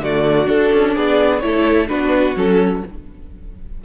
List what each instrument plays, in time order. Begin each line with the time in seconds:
0.00 cello D3, viola A3, violin F#4 D5
0.47 viola D4, cello D4, violin A4
0.73 cello C#4
0.95 cello B3, violin G#4 D5
1.40 cello A3, viola E4, violin A4 C#5
1.88 cello B3, viola D4, violin F#4 B4
2.36 cello F#3, viola C#4, violin A4